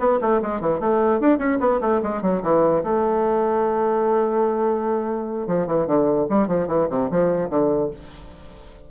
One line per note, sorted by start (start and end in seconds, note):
0.00 0.20 B3
0.22 0.42 A3
0.43 0.62 G#3
0.62 0.81 E3
0.81 1.21 A3
1.21 1.39 D4
1.39 1.59 C#4
1.61 1.81 B3
1.81 2.02 A3
2.03 2.22 G#3
2.22 2.43 F#3
2.43 2.84 E3
2.84 5.48 A3
5.48 5.67 F3
5.67 5.87 E3
5.87 6.28 D3
6.30 6.48 G3
6.48 6.68 F3
6.68 6.88 E3
6.90 7.11 C3
7.11 7.50 F3
7.50 7.91 D3